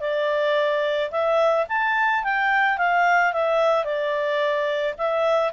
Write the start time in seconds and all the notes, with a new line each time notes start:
0.00 D5
1.11 E5
1.68 A5
2.23 G5
2.77 F5
3.33 E5
3.84 D5
4.97 E5